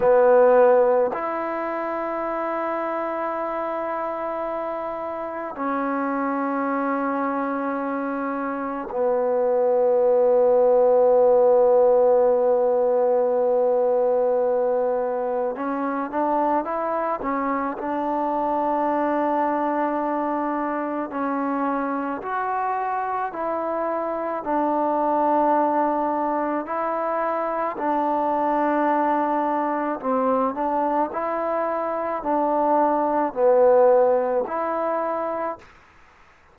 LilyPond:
\new Staff \with { instrumentName = "trombone" } { \time 4/4 \tempo 4 = 54 b4 e'2.~ | e'4 cis'2. | b1~ | b2 cis'8 d'8 e'8 cis'8 |
d'2. cis'4 | fis'4 e'4 d'2 | e'4 d'2 c'8 d'8 | e'4 d'4 b4 e'4 | }